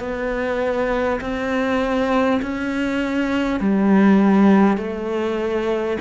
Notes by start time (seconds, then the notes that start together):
0.00 B3
1.21 C4
2.42 C#4
3.60 G3
4.77 A3